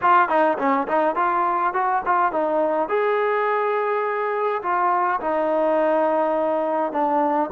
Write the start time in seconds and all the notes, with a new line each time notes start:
0.01 F4
0.29 D#4
0.58 C#4
0.87 D#4
1.15 F4
1.73 F#4
2.05 F4
2.32 D#4
2.88 G#4
4.62 F4
5.20 D#4
6.92 D4